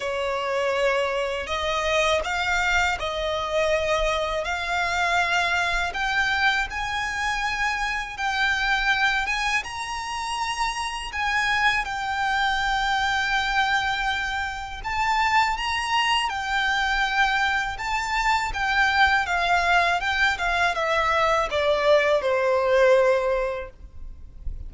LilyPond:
\new Staff \with { instrumentName = "violin" } { \time 4/4 \tempo 4 = 81 cis''2 dis''4 f''4 | dis''2 f''2 | g''4 gis''2 g''4~ | g''8 gis''8 ais''2 gis''4 |
g''1 | a''4 ais''4 g''2 | a''4 g''4 f''4 g''8 f''8 | e''4 d''4 c''2 | }